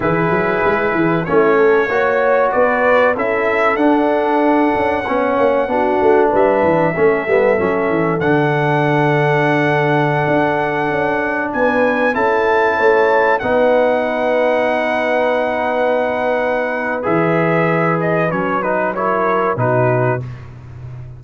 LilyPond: <<
  \new Staff \with { instrumentName = "trumpet" } { \time 4/4 \tempo 4 = 95 b'2 cis''2 | d''4 e''4 fis''2~ | fis''2 e''2~ | e''4 fis''2.~ |
fis''2~ fis''16 gis''4 a''8.~ | a''4~ a''16 fis''2~ fis''8.~ | fis''2. e''4~ | e''8 dis''8 cis''8 b'8 cis''4 b'4 | }
  \new Staff \with { instrumentName = "horn" } { \time 4/4 gis'2 e'8 a'8 cis''4 | b'4 a'2. | cis''4 fis'4 b'4 a'4~ | a'1~ |
a'2~ a'16 b'4 a'8.~ | a'16 cis''4 b'2~ b'8.~ | b'1~ | b'2 ais'4 fis'4 | }
  \new Staff \with { instrumentName = "trombone" } { \time 4/4 e'2 cis'4 fis'4~ | fis'4 e'4 d'2 | cis'4 d'2 cis'8 b8 | cis'4 d'2.~ |
d'2.~ d'16 e'8.~ | e'4~ e'16 dis'2~ dis'8.~ | dis'2. gis'4~ | gis'4 cis'8 dis'8 e'4 dis'4 | }
  \new Staff \with { instrumentName = "tuba" } { \time 4/4 e8 fis8 gis8 e8 a4 ais4 | b4 cis'4 d'4. cis'8 | b8 ais8 b8 a8 g8 e8 a8 g8 | fis8 e8 d2.~ |
d16 d'4 cis'4 b4 cis'8.~ | cis'16 a4 b2~ b8.~ | b2. e4~ | e4 fis2 b,4 | }
>>